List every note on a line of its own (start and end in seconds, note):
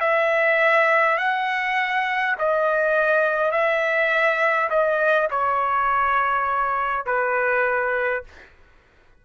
0.00 1.18 E5
1.18 2.36 F#5
2.39 3.51 D#5
3.51 4.69 E5
4.70 5.28 D#5
5.30 7.06 C#5
7.06 8.24 B4